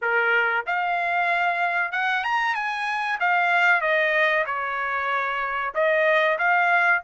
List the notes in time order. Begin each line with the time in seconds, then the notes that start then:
0.01 A#4
0.66 F5
1.91 F#5
2.23 A#5
2.54 G#5
3.19 F5
3.81 D#5
4.46 C#5
5.74 D#5
6.38 F5